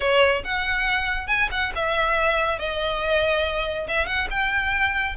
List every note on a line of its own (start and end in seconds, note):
0.00 0.43 C#5
0.44 1.27 F#5
1.27 1.48 G#5
1.51 1.72 F#5
1.75 2.58 E5
2.58 3.87 D#5
3.88 4.06 E5
4.06 4.28 F#5
4.30 5.15 G5